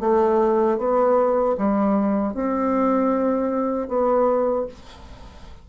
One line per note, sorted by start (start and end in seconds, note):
0.00 0.78 A3
0.78 1.56 B3
1.58 2.34 G3
2.34 3.88 C4
3.88 4.66 B3